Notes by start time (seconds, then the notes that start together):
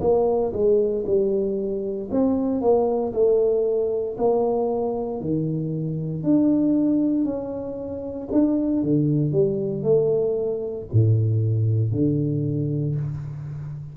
0.00 A#3
0.53 G#3
1.06 G3
2.11 C4
2.61 A#3
3.13 A3
4.18 A#3
5.20 D#3
6.23 D4
7.24 C#4
8.32 D4
8.82 D3
9.32 G3
9.83 A3
10.92 A2
11.92 D3